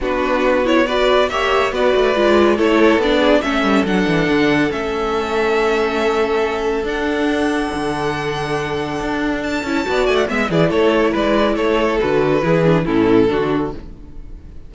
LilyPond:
<<
  \new Staff \with { instrumentName = "violin" } { \time 4/4 \tempo 4 = 140 b'4. cis''8 d''4 e''4 | d''2 cis''4 d''4 | e''4 fis''2 e''4~ | e''1 |
fis''1~ | fis''2 a''4. gis''16 fis''16 | e''8 d''8 cis''4 d''4 cis''4 | b'2 a'2 | }
  \new Staff \with { instrumentName = "violin" } { \time 4/4 fis'2 b'4 cis''4 | b'2 a'4. gis'8 | a'1~ | a'1~ |
a'1~ | a'2. d''4 | e''8 gis'8 a'4 b'4 a'4~ | a'4 gis'4 e'4 fis'4 | }
  \new Staff \with { instrumentName = "viola" } { \time 4/4 d'4. e'8 fis'4 g'4 | fis'4 f'4 e'4 d'4 | cis'4 d'2 cis'4~ | cis'1 |
d'1~ | d'2~ d'8 e'8 fis'4 | b8 e'2.~ e'8 | fis'4 e'8 d'8 cis'4 d'4 | }
  \new Staff \with { instrumentName = "cello" } { \time 4/4 b2. ais4 | b8 a8 gis4 a4 b4 | a8 g8 fis8 e8 d4 a4~ | a1 |
d'2 d2~ | d4 d'4. cis'8 b8 a8 | gis8 e8 a4 gis4 a4 | d4 e4 a,4 d4 | }
>>